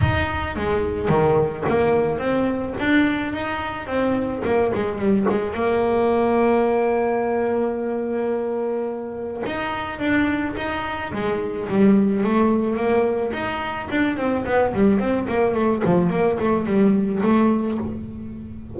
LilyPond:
\new Staff \with { instrumentName = "double bass" } { \time 4/4 \tempo 4 = 108 dis'4 gis4 dis4 ais4 | c'4 d'4 dis'4 c'4 | ais8 gis8 g8 gis8 ais2~ | ais1~ |
ais4 dis'4 d'4 dis'4 | gis4 g4 a4 ais4 | dis'4 d'8 c'8 b8 g8 c'8 ais8 | a8 f8 ais8 a8 g4 a4 | }